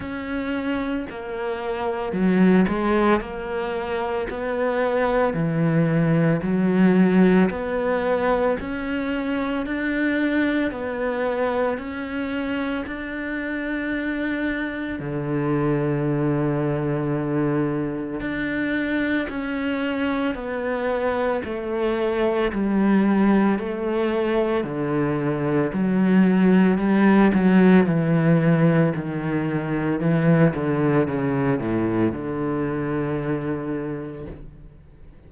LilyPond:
\new Staff \with { instrumentName = "cello" } { \time 4/4 \tempo 4 = 56 cis'4 ais4 fis8 gis8 ais4 | b4 e4 fis4 b4 | cis'4 d'4 b4 cis'4 | d'2 d2~ |
d4 d'4 cis'4 b4 | a4 g4 a4 d4 | fis4 g8 fis8 e4 dis4 | e8 d8 cis8 a,8 d2 | }